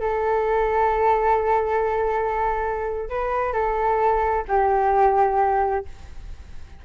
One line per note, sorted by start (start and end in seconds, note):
0.00 3.09 A4
3.09 3.53 B4
3.53 4.44 A4
4.48 5.85 G4